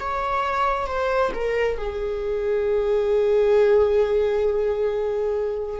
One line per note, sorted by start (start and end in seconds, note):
0.00 0.87 C#5
0.87 1.31 C5
1.34 1.78 A#4
1.78 5.80 G#4